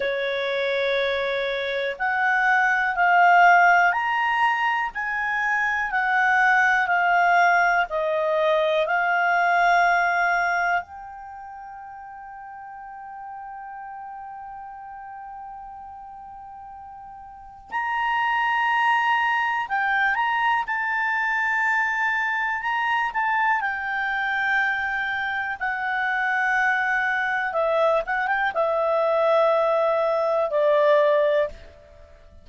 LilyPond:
\new Staff \with { instrumentName = "clarinet" } { \time 4/4 \tempo 4 = 61 cis''2 fis''4 f''4 | ais''4 gis''4 fis''4 f''4 | dis''4 f''2 g''4~ | g''1~ |
g''2 ais''2 | g''8 ais''8 a''2 ais''8 a''8 | g''2 fis''2 | e''8 fis''16 g''16 e''2 d''4 | }